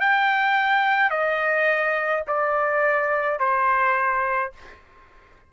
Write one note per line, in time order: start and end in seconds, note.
0.00 1.10 G5
1.10 2.23 D#5
2.27 3.39 D5
3.39 4.52 C5